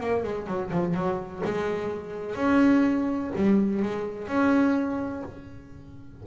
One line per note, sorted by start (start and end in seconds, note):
0.00 0.24 A#3
0.24 0.47 G#3
0.47 0.71 F#3
0.71 0.94 F3
0.94 1.42 F#3
1.45 2.35 G#3
2.35 3.31 C#4
3.36 3.82 G3
3.82 4.27 G#3
4.27 5.23 C#4